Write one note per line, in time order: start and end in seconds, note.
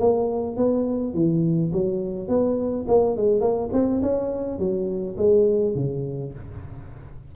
0.00 0.57 A#3
0.57 1.14 B3
1.14 1.72 E3
1.73 2.29 F#3
2.29 2.86 B3
2.88 3.17 A#3
3.17 3.41 G#3
3.41 3.70 A#3
3.73 4.02 C4
4.03 4.59 C#4
4.59 5.17 F#3
5.18 5.76 G#3
5.76 6.33 C#3